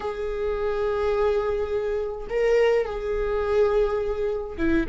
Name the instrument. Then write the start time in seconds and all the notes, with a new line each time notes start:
viola
0.00 G#4
2.29 A#4
2.85 G#4
4.57 E4